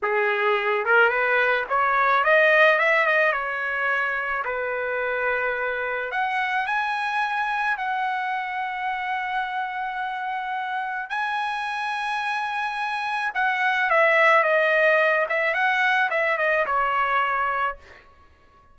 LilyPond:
\new Staff \with { instrumentName = "trumpet" } { \time 4/4 \tempo 4 = 108 gis'4. ais'8 b'4 cis''4 | dis''4 e''8 dis''8 cis''2 | b'2. fis''4 | gis''2 fis''2~ |
fis''1 | gis''1 | fis''4 e''4 dis''4. e''8 | fis''4 e''8 dis''8 cis''2 | }